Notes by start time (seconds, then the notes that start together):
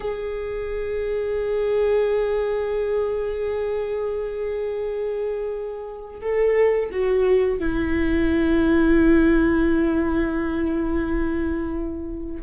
0.00 G#4
6.21 A4
6.91 F#4
7.59 E4